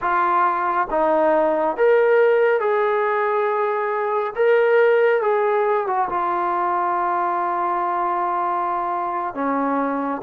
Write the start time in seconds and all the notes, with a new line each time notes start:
0.01 F4
0.90 D#4
1.76 A#4
2.59 G#4
4.35 A#4
5.21 G#4
5.86 F#4
6.09 F4
9.34 C#4